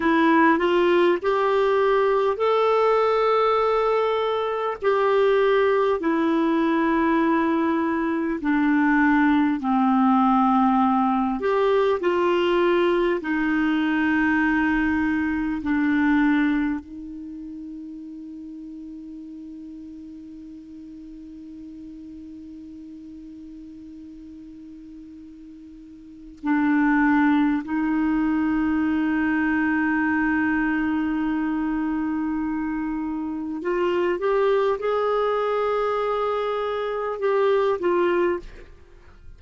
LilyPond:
\new Staff \with { instrumentName = "clarinet" } { \time 4/4 \tempo 4 = 50 e'8 f'8 g'4 a'2 | g'4 e'2 d'4 | c'4. g'8 f'4 dis'4~ | dis'4 d'4 dis'2~ |
dis'1~ | dis'2 d'4 dis'4~ | dis'1 | f'8 g'8 gis'2 g'8 f'8 | }